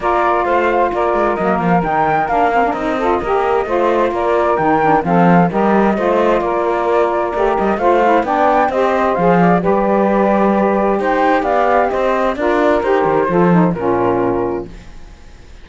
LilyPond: <<
  \new Staff \with { instrumentName = "flute" } { \time 4/4 \tempo 4 = 131 d''4 f''4 d''4 dis''8 f''8 | g''4 f''4 dis''2~ | dis''4 d''4 g''4 f''4 | dis''2 d''2~ |
d''8 dis''8 f''4 g''4 dis''4 | f''4 d''2. | g''4 f''4 dis''4 d''4 | c''2 ais'2 | }
  \new Staff \with { instrumentName = "saxophone" } { \time 4/4 ais'4 c''4 ais'2~ | ais'2~ ais'8 a'8 ais'4 | c''4 ais'2 a'4 | ais'4 c''4 ais'2~ |
ais'4 c''4 d''4 c''4~ | c''8 d''8 b'2. | c''4 d''4 c''4 ais'4~ | ais'4 a'4 f'2 | }
  \new Staff \with { instrumentName = "saxophone" } { \time 4/4 f'2. ais4 | dis'4 d'8 c'16 d'16 dis'8 f'8 g'4 | f'2 dis'8 d'8 c'4 | g'4 f'2. |
g'4 f'8 e'8 d'4 g'4 | gis'4 g'2.~ | g'2. f'4 | g'4 f'8 dis'8 cis'2 | }
  \new Staff \with { instrumentName = "cello" } { \time 4/4 ais4 a4 ais8 gis8 fis8 f8 | dis4 ais4 c'4 ais4 | a4 ais4 dis4 f4 | g4 a4 ais2 |
a8 g8 a4 b4 c'4 | f4 g2. | dis'4 b4 c'4 d'4 | dis'8 dis8 f4 ais,2 | }
>>